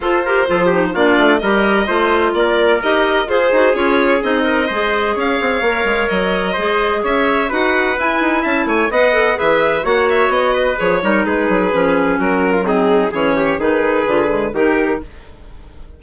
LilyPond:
<<
  \new Staff \with { instrumentName = "violin" } { \time 4/4 \tempo 4 = 128 c''2 d''4 dis''4~ | dis''4 d''4 dis''4 c''4 | cis''4 dis''2 f''4~ | f''4 dis''2 e''4 |
fis''4 gis''4 a''8 gis''8 fis''4 | e''4 fis''8 e''8 dis''4 cis''4 | b'2 ais'4 gis'4 | cis''4 b'2 ais'4 | }
  \new Staff \with { instrumentName = "trumpet" } { \time 4/4 a'8 ais'8 a'8 g'8 f'4 ais'4 | c''4 ais'2 gis'4~ | gis'4. ais'8 c''4 cis''4~ | cis''2 c''4 cis''4 |
b'2 e''8 cis''8 dis''4 | b'4 cis''4. b'4 ais'8 | gis'2 fis'8. f'16 dis'4 | gis'8 g'8 gis'2 g'4 | }
  \new Staff \with { instrumentName = "clarinet" } { \time 4/4 f'8 g'8 f'8 dis'8 d'4 g'4 | f'2 g'4 gis'8 fis'8 | f'4 dis'4 gis'2 | ais'2 gis'2 |
fis'4 e'2 b'8 a'8 | gis'4 fis'2 gis'8 dis'8~ | dis'4 cis'2 c'4 | cis'4 dis'4 f'8 gis8 dis'4 | }
  \new Staff \with { instrumentName = "bassoon" } { \time 4/4 f'4 f4 ais8 a8 g4 | a4 ais4 dis'4 f'8 dis'8 | cis'4 c'4 gis4 cis'8 c'8 | ais8 gis8 fis4 gis4 cis'4 |
dis'4 e'8 dis'8 cis'8 a8 b4 | e4 ais4 b4 f8 g8 | gis8 fis8 f4 fis2 | e4 dis4 d4 dis4 | }
>>